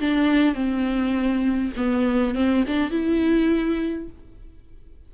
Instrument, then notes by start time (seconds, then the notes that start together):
viola
0.00 D4
0.54 C4
1.76 B3
2.35 C4
2.67 D4
2.91 E4